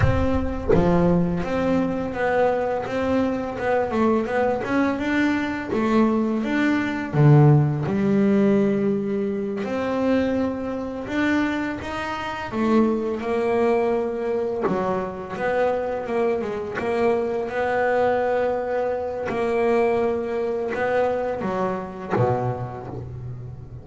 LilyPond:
\new Staff \with { instrumentName = "double bass" } { \time 4/4 \tempo 4 = 84 c'4 f4 c'4 b4 | c'4 b8 a8 b8 cis'8 d'4 | a4 d'4 d4 g4~ | g4. c'2 d'8~ |
d'8 dis'4 a4 ais4.~ | ais8 fis4 b4 ais8 gis8 ais8~ | ais8 b2~ b8 ais4~ | ais4 b4 fis4 b,4 | }